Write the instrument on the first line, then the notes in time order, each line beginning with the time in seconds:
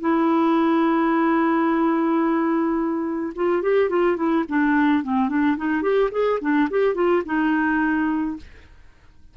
clarinet
0.00 E4
3.35 F4
3.62 G4
3.89 F4
4.16 E4
4.48 D4
5.03 C4
5.29 D4
5.57 D#4
5.82 G4
6.11 G#4
6.41 D4
6.70 G4
6.94 F4
7.25 D#4